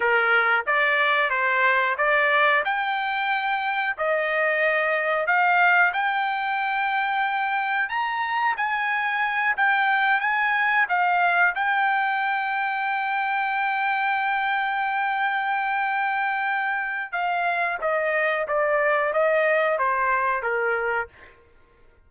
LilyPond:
\new Staff \with { instrumentName = "trumpet" } { \time 4/4 \tempo 4 = 91 ais'4 d''4 c''4 d''4 | g''2 dis''2 | f''4 g''2. | ais''4 gis''4. g''4 gis''8~ |
gis''8 f''4 g''2~ g''8~ | g''1~ | g''2 f''4 dis''4 | d''4 dis''4 c''4 ais'4 | }